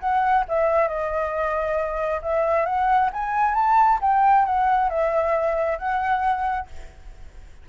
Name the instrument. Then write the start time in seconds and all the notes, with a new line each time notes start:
flute
0.00 F#5
0.48 E5
0.88 D#5
2.22 E5
2.65 F#5
3.13 G#5
3.54 A5
4.01 G5
4.45 F#5
4.89 E5
5.78 F#5